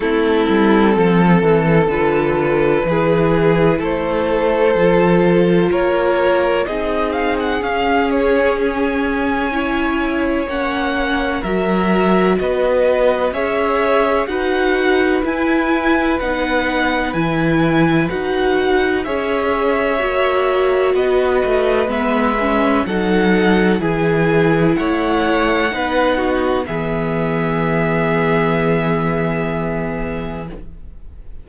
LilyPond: <<
  \new Staff \with { instrumentName = "violin" } { \time 4/4 \tempo 4 = 63 a'2 b'2 | c''2 cis''4 dis''8 f''16 fis''16 | f''8 cis''8 gis''2 fis''4 | e''4 dis''4 e''4 fis''4 |
gis''4 fis''4 gis''4 fis''4 | e''2 dis''4 e''4 | fis''4 gis''4 fis''2 | e''1 | }
  \new Staff \with { instrumentName = "violin" } { \time 4/4 e'4 a'2 gis'4 | a'2 ais'4 gis'4~ | gis'2 cis''2 | ais'4 b'4 cis''4 b'4~ |
b'1 | cis''2 b'2 | a'4 gis'4 cis''4 b'8 fis'8 | gis'1 | }
  \new Staff \with { instrumentName = "viola" } { \time 4/4 c'2 f'4 e'4~ | e'4 f'2 dis'4 | cis'2 e'4 cis'4 | fis'2 gis'4 fis'4 |
e'4 dis'4 e'4 fis'4 | gis'4 fis'2 b8 cis'8 | dis'4 e'2 dis'4 | b1 | }
  \new Staff \with { instrumentName = "cello" } { \time 4/4 a8 g8 f8 e8 d4 e4 | a4 f4 ais4 c'4 | cis'2. ais4 | fis4 b4 cis'4 dis'4 |
e'4 b4 e4 dis'4 | cis'4 ais4 b8 a8 gis4 | fis4 e4 a4 b4 | e1 | }
>>